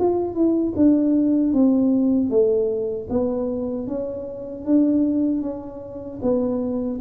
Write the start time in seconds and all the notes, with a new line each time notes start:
0.00 F4
0.35 E4
0.77 D4
1.54 C4
2.30 A3
3.10 B3
3.88 C#4
4.66 D4
5.42 C#4
6.23 B3